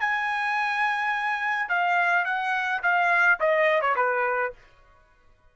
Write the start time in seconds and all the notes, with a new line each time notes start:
0.00 G#5
1.69 F5
2.25 F#5
2.83 F5
3.40 D#5
3.81 C#5
3.96 B4